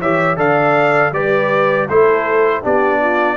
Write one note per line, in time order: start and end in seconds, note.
0.00 0.38 E3
0.00 0.37 G4
0.00 0.38 C#5
0.00 0.39 E5
0.37 1.12 D3
0.37 1.12 A4
0.37 1.13 D5
0.37 1.14 F5
1.12 1.87 G3
1.12 1.89 G4
1.12 1.89 B4
1.12 1.89 D5
1.89 2.64 A3
1.89 2.63 E4
1.89 2.63 A4
1.89 2.64 C5
2.63 3.38 B3
2.63 3.38 D4
2.63 3.01 G4
2.63 3.38 D5
3.01 3.38 F4